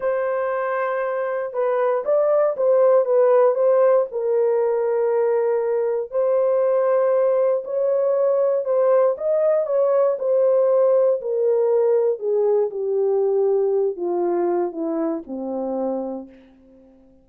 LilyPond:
\new Staff \with { instrumentName = "horn" } { \time 4/4 \tempo 4 = 118 c''2. b'4 | d''4 c''4 b'4 c''4 | ais'1 | c''2. cis''4~ |
cis''4 c''4 dis''4 cis''4 | c''2 ais'2 | gis'4 g'2~ g'8 f'8~ | f'4 e'4 c'2 | }